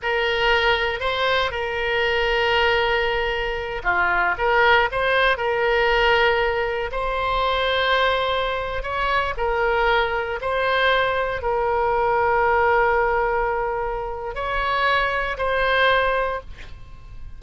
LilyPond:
\new Staff \with { instrumentName = "oboe" } { \time 4/4 \tempo 4 = 117 ais'2 c''4 ais'4~ | ais'2.~ ais'8 f'8~ | f'8 ais'4 c''4 ais'4.~ | ais'4. c''2~ c''8~ |
c''4~ c''16 cis''4 ais'4.~ ais'16~ | ais'16 c''2 ais'4.~ ais'16~ | ais'1 | cis''2 c''2 | }